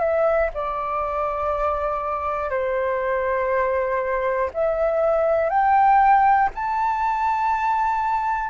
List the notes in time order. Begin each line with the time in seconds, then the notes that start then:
0.00 E5
0.54 D5
2.50 C5
4.54 E5
5.50 G5
6.55 A5